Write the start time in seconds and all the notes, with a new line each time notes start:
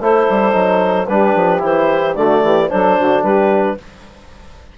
0.00 A3 E4 A4 C5
0.29 G3
0.52 F#3 D#4
1.07 G3 D4 G4 B4
1.35 F3
1.59 E3 E4 C5
2.15 D3 A3 F#4 D5
2.42 E3 G4
2.69 F#3 D4 A4 C5
2.97 D3 F#4
3.23 G3 G4 B4